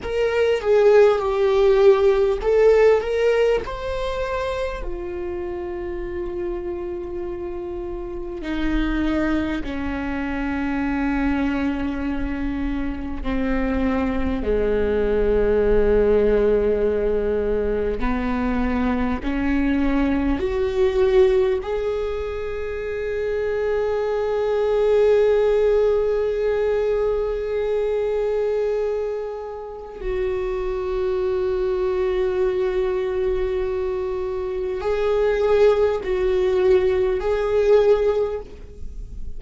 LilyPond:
\new Staff \with { instrumentName = "viola" } { \time 4/4 \tempo 4 = 50 ais'8 gis'8 g'4 a'8 ais'8 c''4 | f'2. dis'4 | cis'2. c'4 | gis2. b4 |
cis'4 fis'4 gis'2~ | gis'1~ | gis'4 fis'2.~ | fis'4 gis'4 fis'4 gis'4 | }